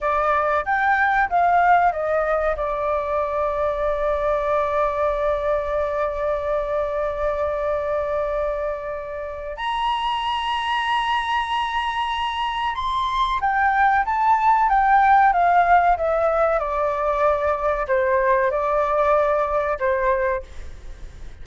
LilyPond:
\new Staff \with { instrumentName = "flute" } { \time 4/4 \tempo 4 = 94 d''4 g''4 f''4 dis''4 | d''1~ | d''1~ | d''2. ais''4~ |
ais''1 | c'''4 g''4 a''4 g''4 | f''4 e''4 d''2 | c''4 d''2 c''4 | }